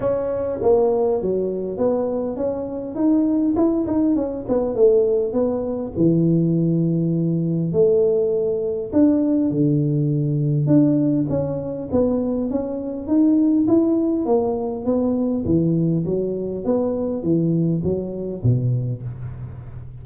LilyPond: \new Staff \with { instrumentName = "tuba" } { \time 4/4 \tempo 4 = 101 cis'4 ais4 fis4 b4 | cis'4 dis'4 e'8 dis'8 cis'8 b8 | a4 b4 e2~ | e4 a2 d'4 |
d2 d'4 cis'4 | b4 cis'4 dis'4 e'4 | ais4 b4 e4 fis4 | b4 e4 fis4 b,4 | }